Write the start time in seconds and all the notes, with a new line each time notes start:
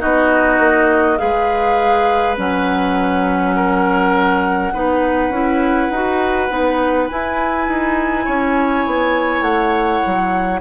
0.00 B3 D#4 F#4 D#5
0.59 A#3
1.18 G#3 G#4 B4 F5
2.37 F#3 C#4 F#5
3.56 A#4
4.74 B3 D#4 B4
5.29 C#4 E4
5.90 D#4 F#4
6.50 B3 D#4
7.09 E4 G#5
7.68 D#4
8.25 C#4 C#5
8.87 B3
9.42 A3 F#5
10.06 F#3